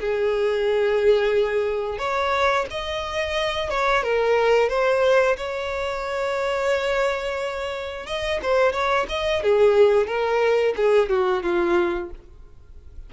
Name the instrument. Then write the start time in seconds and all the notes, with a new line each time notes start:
violin
0.00 G#4
1.98 C#5
2.70 D#5
3.70 C#5
4.03 A#4
4.69 C5
5.37 C#5
8.06 D#5
8.42 C5
8.72 C#5
9.09 D#5
9.43 G#4
10.07 A#4
10.77 G#4
11.09 F#4
11.42 F4